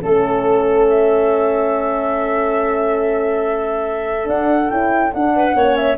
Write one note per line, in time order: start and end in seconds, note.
0.00 4.28 A3
0.00 4.24 C#4
0.00 5.33 A4
0.00 0.87 A4
0.89 4.29 E5
4.24 4.67 D4
4.24 4.70 D4
4.24 4.70 F#5
4.70 5.12 C#4
4.70 5.13 E4
4.70 5.12 G5
5.13 5.55 D4
5.13 5.76 F#5
5.35 5.56 B4
5.55 5.97 A#3
5.55 5.98 C#4
5.55 5.98 C#5
5.76 5.97 E5